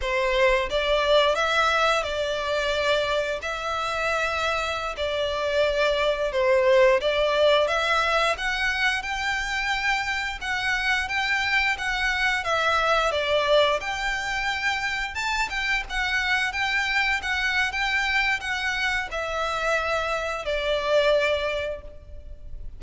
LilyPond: \new Staff \with { instrumentName = "violin" } { \time 4/4 \tempo 4 = 88 c''4 d''4 e''4 d''4~ | d''4 e''2~ e''16 d''8.~ | d''4~ d''16 c''4 d''4 e''8.~ | e''16 fis''4 g''2 fis''8.~ |
fis''16 g''4 fis''4 e''4 d''8.~ | d''16 g''2 a''8 g''8 fis''8.~ | fis''16 g''4 fis''8. g''4 fis''4 | e''2 d''2 | }